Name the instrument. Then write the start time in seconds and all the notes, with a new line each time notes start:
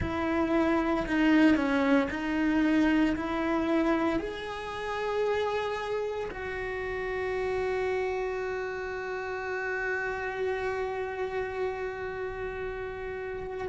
cello
0.00 E4
1.06 D#4
1.56 C#4
2.10 D#4
3.16 E4
4.19 G#4
6.31 F#4